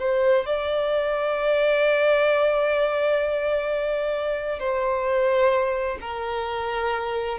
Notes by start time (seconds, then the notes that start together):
0.00 C5
0.47 D5
4.60 C5
6.02 A#4